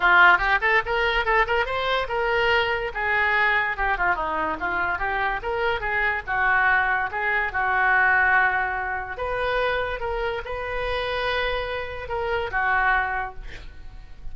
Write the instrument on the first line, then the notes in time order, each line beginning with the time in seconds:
oboe
0.00 F4
0.38 G4
0.61 A4
0.85 A#4
1.25 A4
1.46 A#4
1.65 C5
2.08 A#4
2.94 G#4
3.77 G4
3.97 F4
4.15 D#4
4.59 F4
4.98 G4
5.42 A#4
5.80 G#4
6.26 F#4
7.11 G#4
7.52 F#4
9.17 B4
10.00 A#4
10.44 B4
12.08 A#4
12.51 F#4